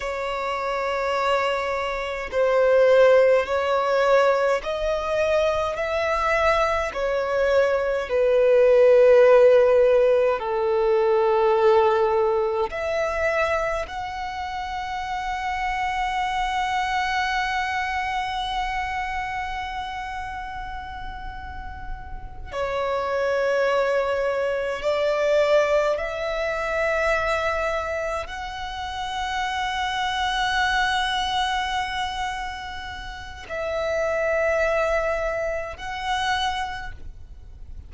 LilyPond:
\new Staff \with { instrumentName = "violin" } { \time 4/4 \tempo 4 = 52 cis''2 c''4 cis''4 | dis''4 e''4 cis''4 b'4~ | b'4 a'2 e''4 | fis''1~ |
fis''2.~ fis''8 cis''8~ | cis''4. d''4 e''4.~ | e''8 fis''2.~ fis''8~ | fis''4 e''2 fis''4 | }